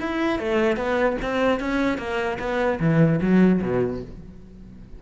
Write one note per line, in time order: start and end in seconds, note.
0.00 0.39 E4
0.39 0.77 A3
0.77 1.17 B3
1.22 1.60 C4
1.60 1.98 C#4
1.98 2.38 A#3
2.39 2.79 B3
2.80 3.20 E3
3.22 3.62 F#3
3.62 4.02 B2